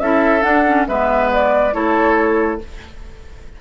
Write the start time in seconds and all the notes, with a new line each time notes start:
0.00 C#4 E4 A4 E5
0.41 D4 F#5
0.67 C#4
0.88 G#3 B3 B4 E5
1.33 D5
1.73 A3 E4 A4 C#5